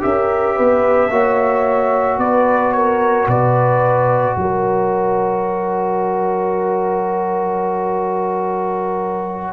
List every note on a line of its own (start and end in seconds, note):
0.00 0.58 C#4
0.00 1.09 G4
0.00 0.55 A#4
0.00 2.20 E5
0.55 1.10 B3
0.55 1.10 B4
1.10 2.18 A#3
1.10 9.53 F#4
1.10 2.21 C#5
2.18 3.27 B3
2.18 2.75 B4
2.18 2.72 D5
2.72 3.29 A#4
2.72 3.27 C#5
3.27 4.36 B2
3.27 4.38 B4
3.27 4.37 D5
4.37 9.53 F#3
4.37 9.53 A#4
4.37 9.53 C#5